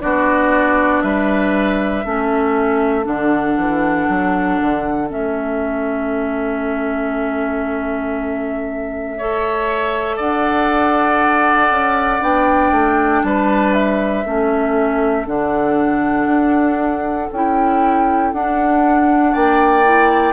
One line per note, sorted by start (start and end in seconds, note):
0.00 1.03 B3
0.00 2.03 D4
0.00 1.03 F#4
0.00 1.01 D5
1.01 2.04 G3
1.01 2.05 B4
1.01 3.04 E5
2.04 3.06 A3
2.04 3.04 C#4
2.04 9.17 A4
3.04 3.57 D3
3.04 5.07 D4
3.04 5.10 F#5
3.57 4.08 E3
4.08 4.59 F#3
4.61 5.11 D3
5.09 10.19 A3
5.09 9.16 C#4
5.09 10.19 E5
9.17 12.20 A4
9.17 10.16 C#5
10.16 11.70 D4
10.16 13.21 D5
10.16 12.22 F#5
11.70 12.21 C#4
12.20 12.71 B3
12.20 14.24 D4
12.20 13.23 G5
12.71 13.21 A3
13.23 14.24 G3
13.23 14.25 B4
13.23 13.73 A5
13.73 15.26 E5
14.24 15.27 A3
14.24 15.26 C#4
14.24 19.32 A4
15.26 16.26 D3
15.26 17.29 D4
15.26 17.31 F#5
16.26 17.28 D4
17.32 18.32 C#4
17.32 18.34 E4
17.32 18.32 G5
18.32 19.34 D4
18.32 19.83 D4
18.32 19.34 F#5
19.32 20.33 A#3
19.32 20.33 D5
19.32 20.33 G5
19.83 20.33 E4